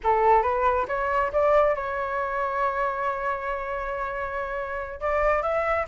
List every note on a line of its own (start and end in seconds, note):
0.03 0.42 A4
0.42 0.86 B4
0.88 1.31 C#5
1.32 1.75 D5
1.75 5.00 C#5
5.00 5.42 D5
5.42 5.85 E5